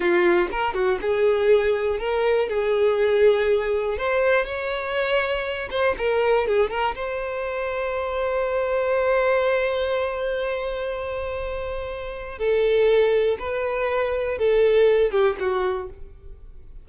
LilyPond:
\new Staff \with { instrumentName = "violin" } { \time 4/4 \tempo 4 = 121 f'4 ais'8 fis'8 gis'2 | ais'4 gis'2. | c''4 cis''2~ cis''8 c''8 | ais'4 gis'8 ais'8 c''2~ |
c''1~ | c''1~ | c''4 a'2 b'4~ | b'4 a'4. g'8 fis'4 | }